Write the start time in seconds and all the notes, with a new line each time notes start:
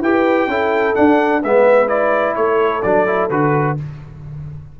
0.00 E4 G4 B4 G5
0.47 C#4 E4 A4
0.95 D4 F#5
1.41 G#3 B3 B4 E5
1.87 E4 D5
2.35 A3 A4 C#5
2.82 F#3 D4 D5
3.06 E4
3.30 D3 F#4 B4